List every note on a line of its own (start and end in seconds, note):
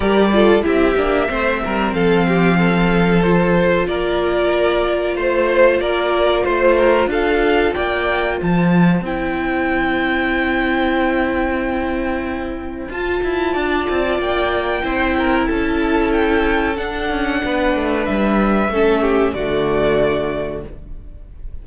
0.00 0.63 G3
0.00 0.31 G4
0.00 0.31 A#4
0.00 0.63 D5
0.32 0.61 F4
0.32 0.64 A4
0.61 0.95 C4
0.61 0.94 E4
0.61 1.28 G4
0.61 1.93 E5
0.95 1.28 A#3
0.95 1.28 D4
1.28 1.63 A3
1.28 3.21 C4
1.28 1.61 C5
1.64 1.93 G3
1.64 1.94 A#4
1.93 3.87 F3
1.93 2.26 A4
1.93 3.22 F5
2.27 2.58 G4
2.58 3.87 A4
3.22 9.04 F4
3.22 3.87 C5
3.87 5.16 A#3
3.87 5.15 A#4
3.87 5.16 D5
5.15 5.80 A3
5.15 5.79 C5
5.15 5.80 C5
5.80 6.44 A#3
5.80 6.43 A#4
5.80 6.44 D5
6.43 7.06 A3
6.43 6.76 C5
6.43 7.08 C5
6.77 7.09 A#4
7.06 7.71 D4
7.06 7.74 A4
7.06 7.73 F5
7.73 8.40 A#3
7.73 8.36 D5
7.73 8.38 G5
8.36 9.00 F3
8.36 13.52 C5
8.36 9.04 A5
9.00 12.87 C4
9.00 12.91 E4
9.00 12.91 G5
12.89 13.21 F4
12.89 14.82 F4
12.89 14.20 A5
13.23 13.55 E4
13.52 13.87 D4
13.52 14.81 D5
13.89 14.18 C4
14.18 14.83 A#3
14.18 15.46 G5
14.82 15.48 C4
14.82 16.75 E4
14.82 15.16 C5
15.18 15.48 A#4
15.46 16.78 C#4
15.46 17.42 A4
15.46 16.10 A5
16.11 16.76 G5
16.76 18.69 D4
16.76 17.09 D4
16.76 18.05 F#5
17.09 17.42 C#4
17.44 17.75 B3
17.44 18.71 B4
17.75 18.08 A3
18.05 18.68 G3
18.05 19.33 E5
18.68 19.32 A3
18.68 19.37 C#4
18.68 19.01 A4
19.01 19.33 G4
19.33 20.63 D3
19.33 20.66 A3
19.33 20.63 F#4
19.33 20.62 D5